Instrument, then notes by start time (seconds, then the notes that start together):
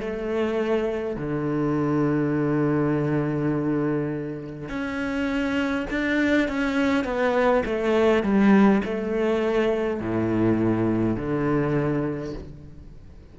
cello
0.00 A3
1.16 D3
4.68 C#4
5.90 D4
6.48 C#4
7.04 B3
7.65 A3
8.23 G3
8.84 A3
10.01 A2
11.16 D3